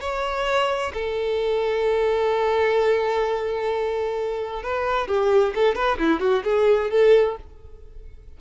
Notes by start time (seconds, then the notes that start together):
0.00 C#5
0.94 A4
4.63 B4
5.07 G4
5.55 A4
5.75 B4
5.98 E4
6.20 F#4
6.44 G#4
6.90 A4